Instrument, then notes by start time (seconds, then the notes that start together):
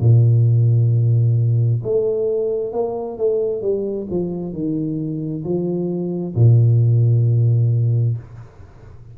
tuba
0.00 A#2
1.83 A3
2.72 A#3
3.17 A3
3.61 G3
4.10 F3
4.52 D#3
5.44 F3
6.35 A#2